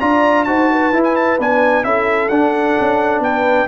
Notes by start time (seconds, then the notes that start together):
0.00 D4 F4 D5 A#5
0.44 D#4 F#4 C5 A5
0.71 B4
0.92 E4
1.04 G#5
1.16 A5
1.39 B3 D4 G#5
1.84 C#4 E4 A4 E5
2.29 D4 F#5
2.80 C#4
3.20 B3 B4 G5